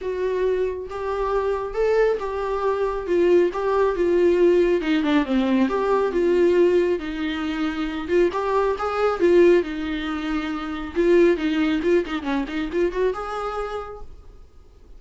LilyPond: \new Staff \with { instrumentName = "viola" } { \time 4/4 \tempo 4 = 137 fis'2 g'2 | a'4 g'2 f'4 | g'4 f'2 dis'8 d'8 | c'4 g'4 f'2 |
dis'2~ dis'8 f'8 g'4 | gis'4 f'4 dis'2~ | dis'4 f'4 dis'4 f'8 dis'8 | cis'8 dis'8 f'8 fis'8 gis'2 | }